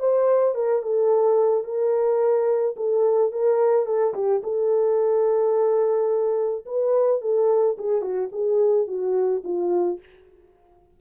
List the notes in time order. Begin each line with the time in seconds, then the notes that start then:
0.00 C5
0.55 A#4
0.83 A4
1.64 A#4
2.77 A4
3.32 A#4
3.86 A4
4.14 G4
4.43 A4
6.66 B4
7.21 A4
7.78 G#4
8.02 F#4
8.32 G#4
8.87 F#4
9.44 F4